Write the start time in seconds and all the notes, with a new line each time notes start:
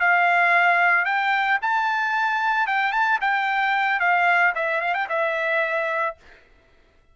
0.00 F5
1.05 G5
1.61 A5
2.67 G5
2.92 A5
3.21 G5
4.00 F5
4.55 E5
4.81 F5
4.94 G5
5.08 E5